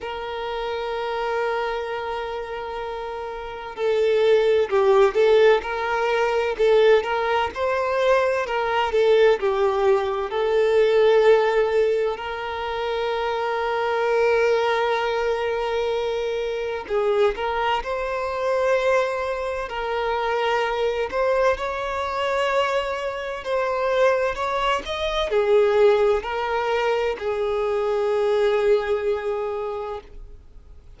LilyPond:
\new Staff \with { instrumentName = "violin" } { \time 4/4 \tempo 4 = 64 ais'1 | a'4 g'8 a'8 ais'4 a'8 ais'8 | c''4 ais'8 a'8 g'4 a'4~ | a'4 ais'2.~ |
ais'2 gis'8 ais'8 c''4~ | c''4 ais'4. c''8 cis''4~ | cis''4 c''4 cis''8 dis''8 gis'4 | ais'4 gis'2. | }